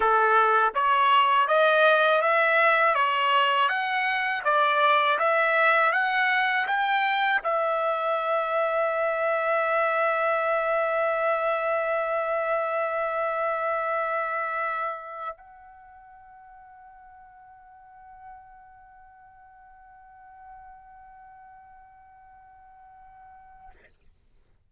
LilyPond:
\new Staff \with { instrumentName = "trumpet" } { \time 4/4 \tempo 4 = 81 a'4 cis''4 dis''4 e''4 | cis''4 fis''4 d''4 e''4 | fis''4 g''4 e''2~ | e''1~ |
e''1~ | e''8. fis''2.~ fis''16~ | fis''1~ | fis''1 | }